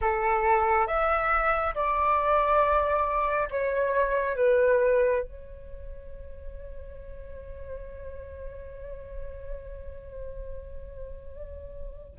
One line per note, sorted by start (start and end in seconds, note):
0.01 0.87 A4
0.87 1.74 E5
1.74 3.48 D5
3.50 4.35 C#5
4.35 5.22 B4
5.22 12.18 C#5